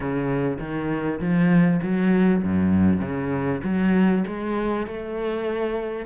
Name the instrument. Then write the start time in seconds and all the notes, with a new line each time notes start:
cello
0.00 C#3
0.59 D#3
1.20 F3
1.82 F#3
2.43 F#2
3.00 C#3
3.63 F#3
4.27 G#3
4.87 A3